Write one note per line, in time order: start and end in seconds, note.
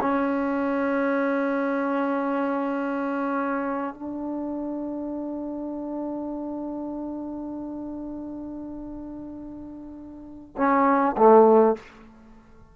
0.00 3.94 C#4
3.94 10.55 D4
10.57 11.16 C#4
11.17 11.76 A3